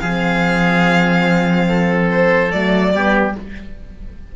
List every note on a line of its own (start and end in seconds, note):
0.00 2.53 F3
0.00 2.52 C4
0.00 1.68 G#4
0.00 2.08 F5
1.69 2.94 A4
2.11 2.52 C5
2.52 2.94 F#3
2.52 2.94 A3
2.52 3.35 D5
2.94 3.36 G3
2.94 3.36 B3
2.94 3.36 G4